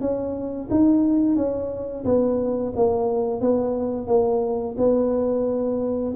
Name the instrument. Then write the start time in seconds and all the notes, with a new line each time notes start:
tuba
0.00 C#4
0.70 D#4
1.36 C#4
2.05 B3
2.76 A#3
3.41 B3
4.07 A#3
4.77 B3